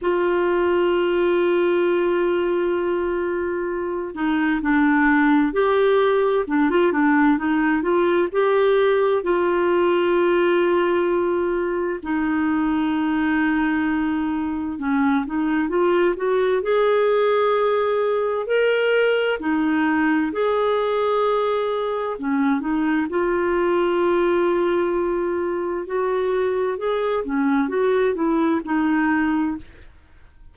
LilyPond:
\new Staff \with { instrumentName = "clarinet" } { \time 4/4 \tempo 4 = 65 f'1~ | f'8 dis'8 d'4 g'4 d'16 f'16 d'8 | dis'8 f'8 g'4 f'2~ | f'4 dis'2. |
cis'8 dis'8 f'8 fis'8 gis'2 | ais'4 dis'4 gis'2 | cis'8 dis'8 f'2. | fis'4 gis'8 cis'8 fis'8 e'8 dis'4 | }